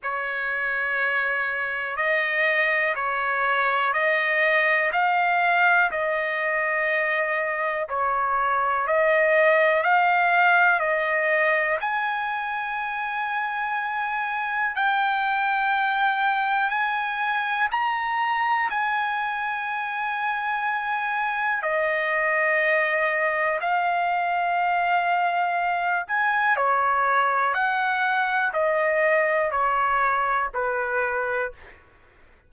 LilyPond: \new Staff \with { instrumentName = "trumpet" } { \time 4/4 \tempo 4 = 61 cis''2 dis''4 cis''4 | dis''4 f''4 dis''2 | cis''4 dis''4 f''4 dis''4 | gis''2. g''4~ |
g''4 gis''4 ais''4 gis''4~ | gis''2 dis''2 | f''2~ f''8 gis''8 cis''4 | fis''4 dis''4 cis''4 b'4 | }